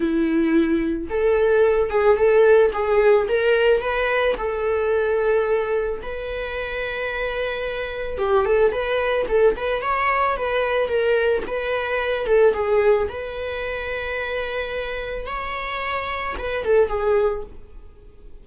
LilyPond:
\new Staff \with { instrumentName = "viola" } { \time 4/4 \tempo 4 = 110 e'2 a'4. gis'8 | a'4 gis'4 ais'4 b'4 | a'2. b'4~ | b'2. g'8 a'8 |
b'4 a'8 b'8 cis''4 b'4 | ais'4 b'4. a'8 gis'4 | b'1 | cis''2 b'8 a'8 gis'4 | }